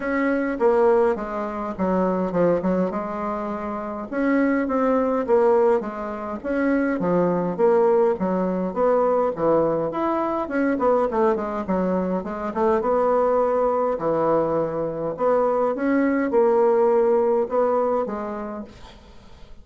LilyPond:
\new Staff \with { instrumentName = "bassoon" } { \time 4/4 \tempo 4 = 103 cis'4 ais4 gis4 fis4 | f8 fis8 gis2 cis'4 | c'4 ais4 gis4 cis'4 | f4 ais4 fis4 b4 |
e4 e'4 cis'8 b8 a8 gis8 | fis4 gis8 a8 b2 | e2 b4 cis'4 | ais2 b4 gis4 | }